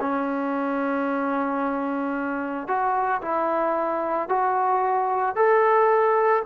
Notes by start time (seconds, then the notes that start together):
0.00 C#4
2.67 F#4
3.21 E4
4.29 F#4
5.35 A4